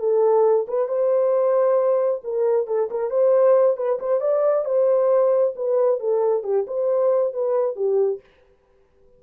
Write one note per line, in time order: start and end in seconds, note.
0.00 0.67 A4
0.68 0.89 B4
0.89 2.22 C5
2.24 2.67 A#4
2.67 2.90 A4
2.91 3.11 A#4
3.11 3.77 C5
3.77 3.99 B4
4.00 4.21 C5
4.21 4.65 D5
4.65 5.54 C5
5.56 6.00 B4
6.00 6.44 A4
6.44 6.66 G4
6.67 7.34 C5
7.34 7.76 B4
7.76 8.21 G4